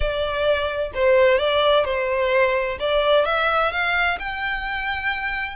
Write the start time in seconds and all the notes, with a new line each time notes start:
0.00 D5
0.94 C5
1.38 D5
1.84 C5
2.79 D5
3.25 E5
3.71 F5
4.19 G5